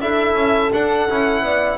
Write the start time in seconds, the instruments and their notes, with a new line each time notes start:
0.00 double bass D4, trombone E4, horn A4, violin E5
0.34 double bass C#4
0.72 double bass D4, trombone D4, violin F#5
1.08 double bass C#4, trombone E4
1.42 double bass B3, horn D5